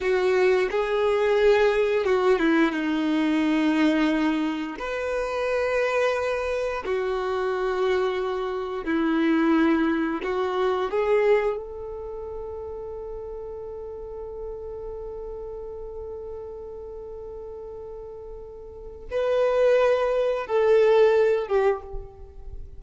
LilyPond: \new Staff \with { instrumentName = "violin" } { \time 4/4 \tempo 4 = 88 fis'4 gis'2 fis'8 e'8 | dis'2. b'4~ | b'2 fis'2~ | fis'4 e'2 fis'4 |
gis'4 a'2.~ | a'1~ | a'1 | b'2 a'4. g'8 | }